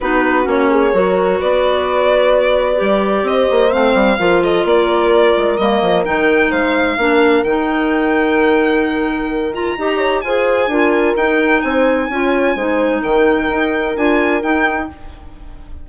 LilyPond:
<<
  \new Staff \with { instrumentName = "violin" } { \time 4/4 \tempo 4 = 129 b'4 cis''2 d''4~ | d''2. dis''4 | f''4. dis''8 d''2 | dis''4 g''4 f''2 |
g''1~ | g''8 ais''4. gis''2 | g''4 gis''2. | g''2 gis''4 g''4 | }
  \new Staff \with { instrumentName = "horn" } { \time 4/4 fis'4. gis'8 ais'4 b'4~ | b'2. c''4~ | c''4 ais'8 a'8 ais'2~ | ais'2 c''4 ais'4~ |
ais'1~ | ais'4 dis''8 cis''8 c''4 ais'4~ | ais'4 c''4 cis''4 c''4 | ais'1 | }
  \new Staff \with { instrumentName = "clarinet" } { \time 4/4 dis'4 cis'4 fis'2~ | fis'2 g'2 | c'4 f'2. | ais4 dis'2 d'4 |
dis'1~ | dis'8 f'8 g'4 gis'4 f'4 | dis'2 f'4 dis'4~ | dis'2 f'4 dis'4 | }
  \new Staff \with { instrumentName = "bassoon" } { \time 4/4 b4 ais4 fis4 b4~ | b2 g4 c'8 ais8 | a8 g8 f4 ais4. gis8 | g8 f8 dis4 gis4 ais4 |
dis1~ | dis4 dis'4 f'4 d'4 | dis'4 c'4 cis'4 gis4 | dis4 dis'4 d'4 dis'4 | }
>>